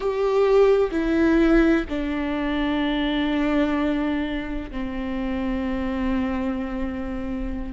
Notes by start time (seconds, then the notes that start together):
0.00 G4
0.91 E4
1.89 D4
4.70 C4